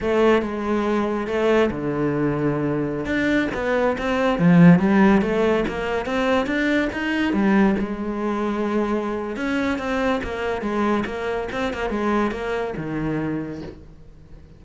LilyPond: \new Staff \with { instrumentName = "cello" } { \time 4/4 \tempo 4 = 141 a4 gis2 a4 | d2.~ d16 d'8.~ | d'16 b4 c'4 f4 g8.~ | g16 a4 ais4 c'4 d'8.~ |
d'16 dis'4 g4 gis4.~ gis16~ | gis2 cis'4 c'4 | ais4 gis4 ais4 c'8 ais8 | gis4 ais4 dis2 | }